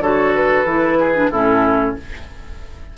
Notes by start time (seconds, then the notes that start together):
0.00 D3 F#4 A4 C#5
0.35 B4
0.65 E3 E4
0.99 G#4
1.15 D4
1.31 A2 C#4 E4 A4